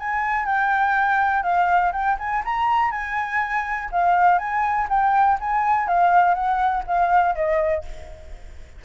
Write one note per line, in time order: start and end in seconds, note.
0.00 0.46 G#5
0.46 1.44 G5
1.44 1.93 F5
1.93 2.18 G5
2.19 2.44 G#5
2.45 2.92 A#5
2.92 3.90 G#5
3.92 4.39 F5
4.39 4.88 G#5
4.90 5.39 G5
5.41 5.88 G#5
5.88 6.35 F5
6.35 6.84 F#5
6.87 7.36 F5
7.36 7.85 D#5